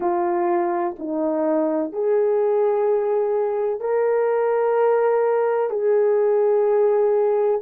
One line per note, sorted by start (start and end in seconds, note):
0.00 0.95 F4
0.98 1.92 D#4
1.92 3.80 G#4
3.80 5.69 A#4
5.69 7.60 G#4